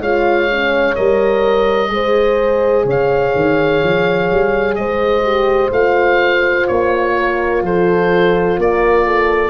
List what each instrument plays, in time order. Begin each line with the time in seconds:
0.00 tuba G#3, horn F4 C#5, oboe F5
0.52 horn C#4
0.95 tuba G3, horn A#4, oboe D#5
1.89 tuba G#3, horn G#4 C5
2.85 tuba C#3, horn C#5, oboe F5
3.36 tuba D#3
3.84 tuba F3
4.31 tuba G3
4.76 tuba G#3, horn C5, oboe D#5
5.23 horn G4
5.72 tuba A3, horn F4, oboe F5
6.67 tuba A#3, oboe C#5
7.18 horn A#4
7.62 tuba F3, horn A4, oboe C5
8.58 tuba A#3, horn A#4, oboe D5
9.06 horn A4